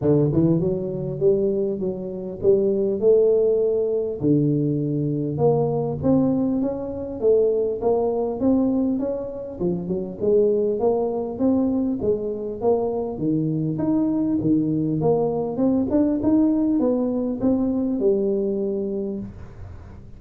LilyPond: \new Staff \with { instrumentName = "tuba" } { \time 4/4 \tempo 4 = 100 d8 e8 fis4 g4 fis4 | g4 a2 d4~ | d4 ais4 c'4 cis'4 | a4 ais4 c'4 cis'4 |
f8 fis8 gis4 ais4 c'4 | gis4 ais4 dis4 dis'4 | dis4 ais4 c'8 d'8 dis'4 | b4 c'4 g2 | }